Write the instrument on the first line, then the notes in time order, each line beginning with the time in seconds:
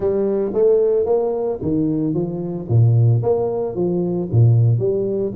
tuba
0.00 G3
0.53 A3
1.05 A#3
1.62 D#3
2.14 F3
2.68 A#2
3.22 A#3
3.75 F3
4.31 A#2
4.78 G3